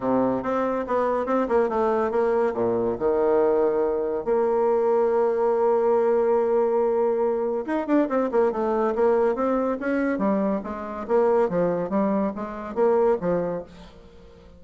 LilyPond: \new Staff \with { instrumentName = "bassoon" } { \time 4/4 \tempo 4 = 141 c4 c'4 b4 c'8 ais8 | a4 ais4 ais,4 dis4~ | dis2 ais2~ | ais1~ |
ais2 dis'8 d'8 c'8 ais8 | a4 ais4 c'4 cis'4 | g4 gis4 ais4 f4 | g4 gis4 ais4 f4 | }